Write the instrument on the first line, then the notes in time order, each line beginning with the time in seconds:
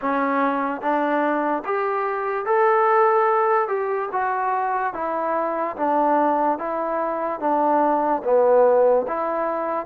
trombone
0.01 C#4
0.81 D4
1.64 G4
2.45 A4
3.68 G4
4.12 F#4
4.93 E4
5.76 D4
6.58 E4
7.40 D4
8.23 B3
9.07 E4